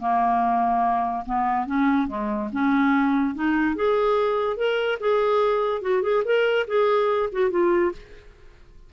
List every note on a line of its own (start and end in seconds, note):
0.00 1.25 A#3
1.26 1.67 B3
1.67 2.08 C#4
2.08 2.50 G#3
2.53 3.35 C#4
3.35 3.76 D#4
3.76 4.57 G#4
4.57 4.99 A#4
5.00 5.82 G#4
5.82 6.03 F#4
6.03 6.24 G#4
6.25 6.67 A#4
6.68 7.30 G#4
7.33 7.51 F#4
7.51 7.93 F4